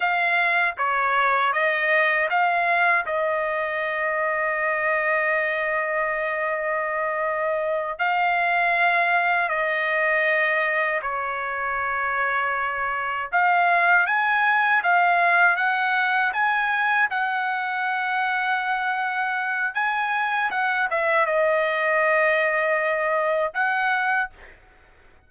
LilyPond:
\new Staff \with { instrumentName = "trumpet" } { \time 4/4 \tempo 4 = 79 f''4 cis''4 dis''4 f''4 | dis''1~ | dis''2~ dis''8 f''4.~ | f''8 dis''2 cis''4.~ |
cis''4. f''4 gis''4 f''8~ | f''8 fis''4 gis''4 fis''4.~ | fis''2 gis''4 fis''8 e''8 | dis''2. fis''4 | }